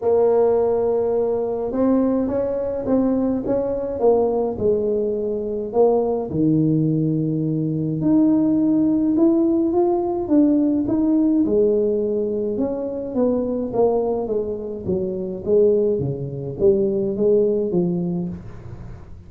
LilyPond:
\new Staff \with { instrumentName = "tuba" } { \time 4/4 \tempo 4 = 105 ais2. c'4 | cis'4 c'4 cis'4 ais4 | gis2 ais4 dis4~ | dis2 dis'2 |
e'4 f'4 d'4 dis'4 | gis2 cis'4 b4 | ais4 gis4 fis4 gis4 | cis4 g4 gis4 f4 | }